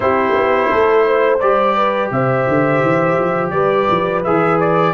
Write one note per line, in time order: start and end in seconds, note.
0.00 0.34 C4
0.00 1.39 E4
0.00 0.70 G4
0.00 1.39 C5
0.34 0.70 B3
0.70 1.41 A3
0.70 1.05 A4
1.06 1.76 C5
1.39 2.11 G3
1.39 4.23 G4
1.39 2.10 D5
1.76 2.11 B4
2.11 2.46 C3
2.11 3.52 C5
2.11 3.50 E5
2.48 2.82 D3
2.82 3.17 E3
3.18 3.51 F3
3.50 3.86 G3
3.50 4.93 B4
3.50 4.20 D5
3.91 4.26 F3
4.24 4.93 E3
4.24 4.93 G#4
4.24 4.59 E5
4.60 4.93 D5